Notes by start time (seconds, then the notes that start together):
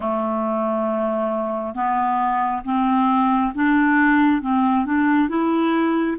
0.00 A3
1.74 B3
2.64 C4
3.55 D4
4.41 C4
4.85 D4
5.29 E4